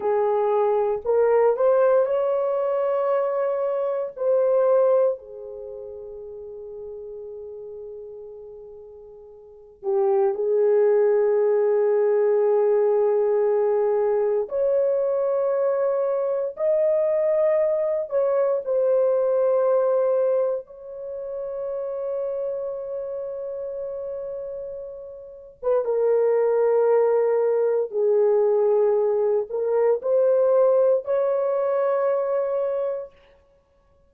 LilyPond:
\new Staff \with { instrumentName = "horn" } { \time 4/4 \tempo 4 = 58 gis'4 ais'8 c''8 cis''2 | c''4 gis'2.~ | gis'4. g'8 gis'2~ | gis'2 cis''2 |
dis''4. cis''8 c''2 | cis''1~ | cis''8. b'16 ais'2 gis'4~ | gis'8 ais'8 c''4 cis''2 | }